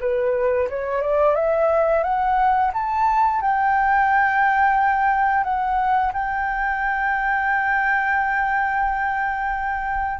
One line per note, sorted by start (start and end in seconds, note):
0.00 0.68 B4
0.69 1.01 C#5
1.01 1.35 D5
1.35 2.03 E5
2.03 2.71 F#5
2.73 3.41 A5
3.41 5.44 G5
5.44 6.12 F#5
6.13 10.20 G5